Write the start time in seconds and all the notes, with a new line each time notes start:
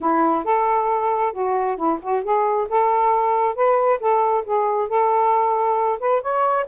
0.00 E4
0.44 A4
1.32 F#4
1.77 E4
2.01 F#4
2.23 G#4
2.69 A4
3.55 B4
4.00 A4
4.44 G#4
4.88 A4
5.99 B4
6.21 C#5